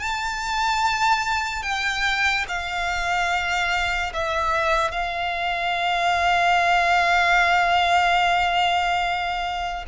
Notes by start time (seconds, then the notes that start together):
0.00 A5
1.63 G5
2.49 F5
4.14 E5
4.92 F5